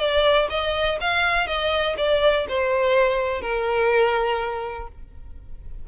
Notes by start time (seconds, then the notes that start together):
0.00 D5
0.50 D#5
1.01 F5
1.48 D#5
1.98 D5
2.49 C5
3.42 A#4